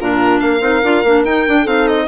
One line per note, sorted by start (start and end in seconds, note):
0.00 0.41 A#2
0.00 0.61 D4
0.00 0.42 F4
0.00 0.40 A#4
0.40 0.61 A#3
0.40 1.62 A#4
0.40 1.24 F5
0.61 0.82 C4
0.61 0.81 D#4
0.84 1.04 D4
0.84 1.05 F4
1.04 1.24 A#3
1.04 1.27 D4
1.24 1.45 D#4
1.24 1.48 D#4
1.24 1.67 G5
1.48 1.66 D4
1.62 2.07 C4
1.62 2.08 D#4
1.62 2.04 A4
1.62 1.87 F5
1.87 2.08 D#5